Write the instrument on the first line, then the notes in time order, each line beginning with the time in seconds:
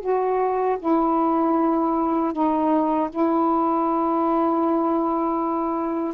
saxophone
0.00 F#4
0.79 E4
2.32 D#4
3.09 E4